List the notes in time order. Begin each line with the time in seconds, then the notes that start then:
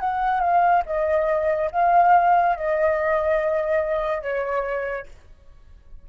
0.00 F#5
0.40 F5
0.86 D#5
1.72 F5
2.56 D#5
4.22 C#5